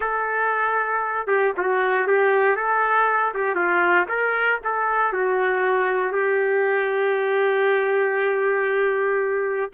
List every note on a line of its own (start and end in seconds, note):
0.00 1.27 A4
1.27 1.52 G4
1.57 2.07 F#4
2.07 2.55 G4
2.55 3.32 A4
3.34 3.55 G4
3.55 4.06 F4
4.08 4.59 A#4
4.63 5.13 A4
5.13 6.12 F#4
6.12 9.71 G4